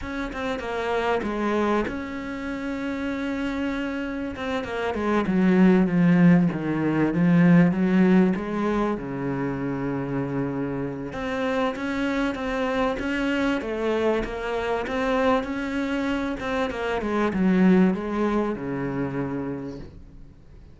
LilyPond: \new Staff \with { instrumentName = "cello" } { \time 4/4 \tempo 4 = 97 cis'8 c'8 ais4 gis4 cis'4~ | cis'2. c'8 ais8 | gis8 fis4 f4 dis4 f8~ | f8 fis4 gis4 cis4.~ |
cis2 c'4 cis'4 | c'4 cis'4 a4 ais4 | c'4 cis'4. c'8 ais8 gis8 | fis4 gis4 cis2 | }